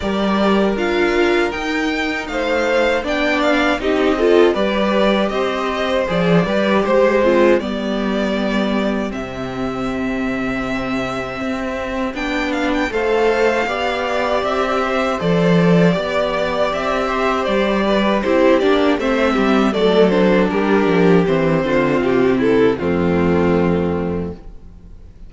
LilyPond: <<
  \new Staff \with { instrumentName = "violin" } { \time 4/4 \tempo 4 = 79 d''4 f''4 g''4 f''4 | g''8 f''8 dis''4 d''4 dis''4 | d''4 c''4 d''2 | e''1 |
g''8 f''16 g''16 f''2 e''4 | d''2 e''4 d''4 | c''8 d''8 e''4 d''8 c''8 ais'4 | c''4 g'8 a'8 f'2 | }
  \new Staff \with { instrumentName = "violin" } { \time 4/4 ais'2. c''4 | d''4 g'8 a'8 b'4 c''4~ | c''8 b'8 c''8 c'8 g'2~ | g'1~ |
g'4 c''4 d''4. c''8~ | c''4 d''4. c''4 b'8 | g'4 c''8 g'8 a'4 g'4~ | g'8 f'4 e'8 c'2 | }
  \new Staff \with { instrumentName = "viola" } { \time 4/4 g'4 f'4 dis'2 | d'4 dis'8 f'8 g'2 | gis'8 g'4 f'8 b2 | c'1 |
d'4 a'4 g'2 | a'4 g'2. | e'8 d'8 c'4 a8 d'4. | c'2 a2 | }
  \new Staff \with { instrumentName = "cello" } { \time 4/4 g4 d'4 dis'4 a4 | b4 c'4 g4 c'4 | f8 g8 gis4 g2 | c2. c'4 |
b4 a4 b4 c'4 | f4 b4 c'4 g4 | c'8 ais8 a8 g8 fis4 g8 f8 | e8 d8 c4 f,2 | }
>>